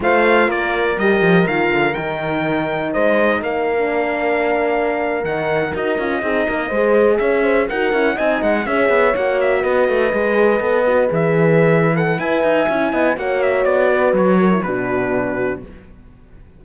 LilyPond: <<
  \new Staff \with { instrumentName = "trumpet" } { \time 4/4 \tempo 4 = 123 f''4 d''4 dis''4 f''4 | g''2 dis''4 f''4~ | f''2~ f''8. fis''4 dis''16~ | dis''2~ dis''8. e''4 fis''16~ |
fis''8. gis''8 fis''8 e''4 fis''8 e''8 dis''16~ | dis''2~ dis''8. e''4~ e''16~ | e''8 fis''8 gis''2 fis''8 e''8 | d''4 cis''4 b'2 | }
  \new Staff \with { instrumentName = "horn" } { \time 4/4 c''4 ais'2.~ | ais'2 c''4 ais'4~ | ais'1~ | ais'8. gis'8 ais'8 c''4 cis''8 c''8 ais'16~ |
ais'8. dis''4 cis''2 b'16~ | b'1~ | b'4 e''4. dis''8 cis''4~ | cis''8 b'4 ais'8 fis'2 | }
  \new Staff \with { instrumentName = "horn" } { \time 4/4 f'2 g'4 f'4 | dis'2.~ dis'8. d'16~ | d'2~ d'8. dis'4 fis'16~ | fis'16 f'8 dis'4 gis'2 fis'16~ |
fis'16 e'8 dis'4 gis'4 fis'4~ fis'16~ | fis'8. gis'4 a'8 fis'8 gis'4~ gis'16~ | gis'8 a'8 b'4 e'4 fis'4~ | fis'4.~ fis'16 e'16 d'2 | }
  \new Staff \with { instrumentName = "cello" } { \time 4/4 a4 ais4 g8 f8 dis8 d8 | dis2 gis4 ais4~ | ais2~ ais8. dis4 dis'16~ | dis'16 cis'8 c'8 ais8 gis4 cis'4 dis'16~ |
dis'16 cis'8 c'8 gis8 cis'8 b8 ais4 b16~ | b16 a8 gis4 b4 e4~ e16~ | e4 e'8 dis'8 cis'8 b8 ais4 | b4 fis4 b,2 | }
>>